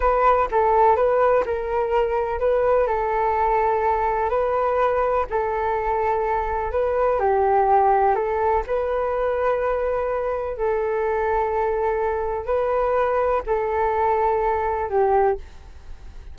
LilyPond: \new Staff \with { instrumentName = "flute" } { \time 4/4 \tempo 4 = 125 b'4 a'4 b'4 ais'4~ | ais'4 b'4 a'2~ | a'4 b'2 a'4~ | a'2 b'4 g'4~ |
g'4 a'4 b'2~ | b'2 a'2~ | a'2 b'2 | a'2. g'4 | }